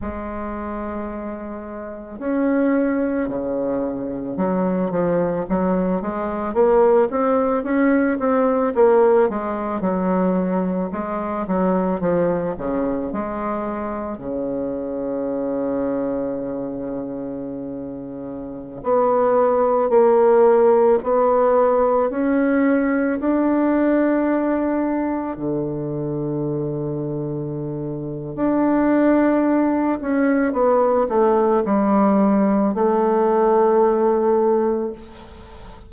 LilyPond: \new Staff \with { instrumentName = "bassoon" } { \time 4/4 \tempo 4 = 55 gis2 cis'4 cis4 | fis8 f8 fis8 gis8 ais8 c'8 cis'8 c'8 | ais8 gis8 fis4 gis8 fis8 f8 cis8 | gis4 cis2.~ |
cis4~ cis16 b4 ais4 b8.~ | b16 cis'4 d'2 d8.~ | d2 d'4. cis'8 | b8 a8 g4 a2 | }